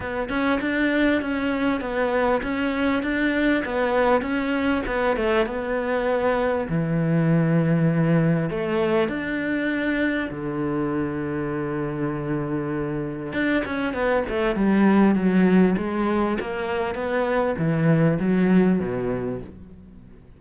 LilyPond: \new Staff \with { instrumentName = "cello" } { \time 4/4 \tempo 4 = 99 b8 cis'8 d'4 cis'4 b4 | cis'4 d'4 b4 cis'4 | b8 a8 b2 e4~ | e2 a4 d'4~ |
d'4 d2.~ | d2 d'8 cis'8 b8 a8 | g4 fis4 gis4 ais4 | b4 e4 fis4 b,4 | }